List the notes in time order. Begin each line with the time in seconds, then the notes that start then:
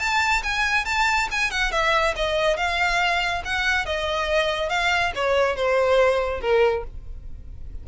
0.00 A5
0.44 G#5
0.86 A5
1.31 G#5
1.51 F#5
1.72 E5
2.16 D#5
2.57 F5
3.45 F#5
3.86 D#5
4.70 F5
5.16 C#5
5.57 C5
6.41 A#4